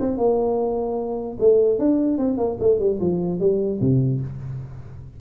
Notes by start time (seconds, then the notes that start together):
0.00 C4
0.18 A#3
1.40 A3
1.79 D4
2.18 C4
2.38 A#3
2.60 A3
2.80 G3
3.00 F3
3.40 G3
3.81 C3